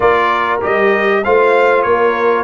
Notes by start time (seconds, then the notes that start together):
0.00 A#3 F4 A#4 D5
0.61 G3 G4 D#5
1.23 A3 F4 C5 F5
1.82 A#3 A#4 C#5